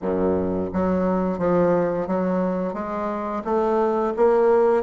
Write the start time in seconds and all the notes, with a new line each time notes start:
0.01 F#2
0.73 F#3
1.38 F3
2.07 F#3
2.73 G#3
3.44 A3
4.16 A#3